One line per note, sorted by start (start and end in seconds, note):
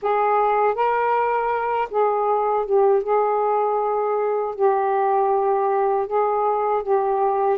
0.02 0.74 G#4
0.74 1.88 A#4
1.90 2.65 G#4
2.65 3.03 G4
3.03 4.55 G#4
4.55 6.07 G4
6.07 6.83 G#4
6.83 7.58 G4